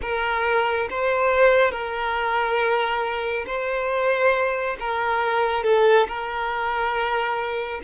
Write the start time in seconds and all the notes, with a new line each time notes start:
0.01 A#4
0.90 C5
1.71 A#4
3.46 C5
4.79 A#4
5.63 A4
6.07 A#4